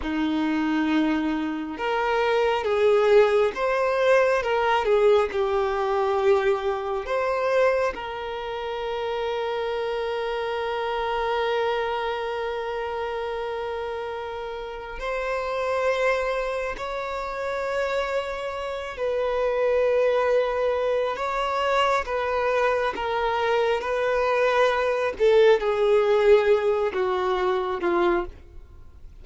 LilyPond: \new Staff \with { instrumentName = "violin" } { \time 4/4 \tempo 4 = 68 dis'2 ais'4 gis'4 | c''4 ais'8 gis'8 g'2 | c''4 ais'2.~ | ais'1~ |
ais'4 c''2 cis''4~ | cis''4. b'2~ b'8 | cis''4 b'4 ais'4 b'4~ | b'8 a'8 gis'4. fis'4 f'8 | }